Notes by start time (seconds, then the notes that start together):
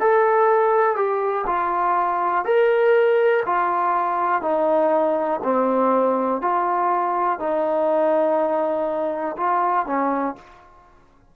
0.00 A4
0.96 G4
1.47 F4
2.45 A#4
3.46 F4
4.42 D#4
5.43 C4
6.42 F4
7.39 D#4
9.37 F4
9.86 C#4